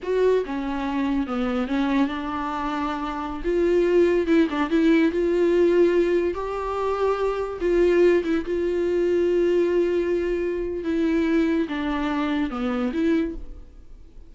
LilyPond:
\new Staff \with { instrumentName = "viola" } { \time 4/4 \tempo 4 = 144 fis'4 cis'2 b4 | cis'4 d'2.~ | d'16 f'2 e'8 d'8 e'8.~ | e'16 f'2. g'8.~ |
g'2~ g'16 f'4. e'16~ | e'16 f'2.~ f'8.~ | f'2 e'2 | d'2 b4 e'4 | }